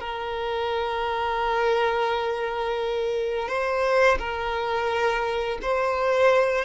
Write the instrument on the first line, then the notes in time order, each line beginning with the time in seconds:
violin
0.00 A#4
3.49 C5
4.19 A#4
5.62 C5